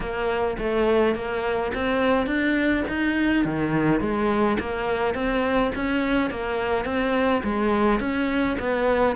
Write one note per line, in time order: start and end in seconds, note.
0.00 0.57 A#3
0.58 1.15 A3
1.15 1.72 A#3
1.74 2.26 C4
2.26 2.83 D4
2.88 3.44 D#4
3.44 4.00 D#3
4.00 4.57 G#3
4.59 5.14 A#3
5.14 5.71 C4
5.75 6.30 C#4
6.30 6.84 A#3
6.84 7.42 C4
7.43 8.00 G#3
8.00 8.57 C#4
8.59 9.16 B3